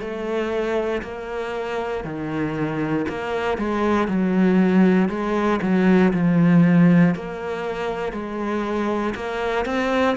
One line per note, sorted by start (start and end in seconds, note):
0.00 1.02 A3
1.02 2.04 A#3
2.04 3.06 D#3
3.08 3.57 A#3
3.57 4.07 G#3
4.07 5.08 F#3
5.08 5.59 G#3
5.61 6.12 F#3
6.13 7.15 F3
7.15 8.12 A#3
8.12 9.14 G#3
9.15 9.65 A#3
9.65 10.16 C4